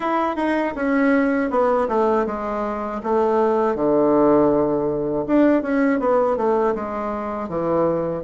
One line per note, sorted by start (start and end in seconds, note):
0.00 0.36 E4
0.36 0.73 D#4
0.75 1.50 C#4
1.50 1.88 B3
1.88 2.25 A3
2.26 3.01 G#3
3.03 3.75 A3
3.75 5.25 D3
5.27 5.62 D4
5.62 5.99 C#4
5.99 6.36 B3
6.36 6.74 A3
6.75 7.48 G#3
7.48 8.23 E3